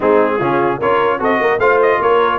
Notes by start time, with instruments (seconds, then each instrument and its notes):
0.00 tuba G#3, trombone C4, horn D#4, trumpet G#4
0.38 tuba C#3, trombone C#4, horn F4
0.78 tuba C#4, trombone F4, horn A#4, trumpet C#5
1.19 tuba C4, trombone F#4, horn A4, trumpet D#5
1.40 tuba A#3, horn A#4
1.58 tuba A3, trombone F4, horn C5, trumpet F5
1.81 trumpet D#5
2.00 tuba A#3, horn A#4, trumpet C#5